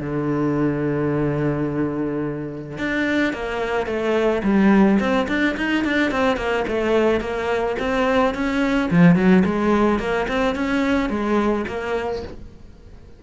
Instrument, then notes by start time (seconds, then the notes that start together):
cello
0.00 D3
2.78 D4
3.33 A#3
3.86 A3
4.43 G3
5.00 C4
5.28 D4
5.57 D#4
5.84 D4
6.11 C4
6.37 A#3
6.68 A3
7.20 A#3
7.79 C4
8.34 C#4
8.91 F3
9.16 F#3
9.45 G#3
9.99 A#3
10.28 C4
10.55 C#4
11.10 G#3
11.67 A#3